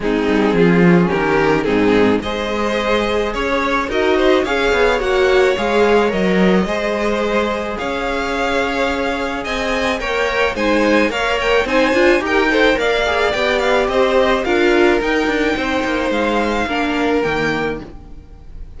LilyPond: <<
  \new Staff \with { instrumentName = "violin" } { \time 4/4 \tempo 4 = 108 gis'2 ais'4 gis'4 | dis''2 cis''4 dis''4 | f''4 fis''4 f''4 dis''4~ | dis''2 f''2~ |
f''4 gis''4 g''4 gis''4 | f''8 g''8 gis''4 g''4 f''4 | g''8 f''8 dis''4 f''4 g''4~ | g''4 f''2 g''4 | }
  \new Staff \with { instrumentName = "violin" } { \time 4/4 dis'4 f'4 g'4 dis'4 | c''2 cis''4 ais'8 c''8 | cis''1 | c''2 cis''2~ |
cis''4 dis''4 cis''4 c''4 | cis''4 c''4 ais'8 c''8 d''4~ | d''4 c''4 ais'2 | c''2 ais'2 | }
  \new Staff \with { instrumentName = "viola" } { \time 4/4 c'4. cis'4. c'4 | gis'2. fis'4 | gis'4 fis'4 gis'4 ais'4 | gis'1~ |
gis'2 ais'4 dis'4 | ais'4 dis'8 f'8 g'8 a'8 ais'8 gis'8 | g'2 f'4 dis'4~ | dis'2 d'4 ais4 | }
  \new Staff \with { instrumentName = "cello" } { \time 4/4 gis8 g8 f4 dis4 gis,4 | gis2 cis'4 dis'4 | cis'8 b8 ais4 gis4 fis4 | gis2 cis'2~ |
cis'4 c'4 ais4 gis4 | ais4 c'8 d'8 dis'4 ais4 | b4 c'4 d'4 dis'8 d'8 | c'8 ais8 gis4 ais4 dis4 | }
>>